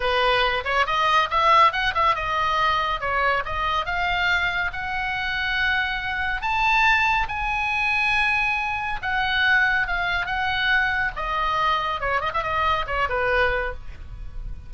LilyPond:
\new Staff \with { instrumentName = "oboe" } { \time 4/4 \tempo 4 = 140 b'4. cis''8 dis''4 e''4 | fis''8 e''8 dis''2 cis''4 | dis''4 f''2 fis''4~ | fis''2. a''4~ |
a''4 gis''2.~ | gis''4 fis''2 f''4 | fis''2 dis''2 | cis''8 dis''16 e''16 dis''4 cis''8 b'4. | }